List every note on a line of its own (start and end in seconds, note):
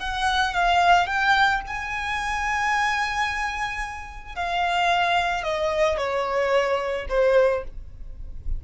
0.00 0.54 F#5
0.54 1.07 F5
1.07 1.61 G5
1.67 4.36 G#5
4.36 5.44 F5
5.44 5.98 D#5
5.98 7.07 C#5
7.09 7.64 C5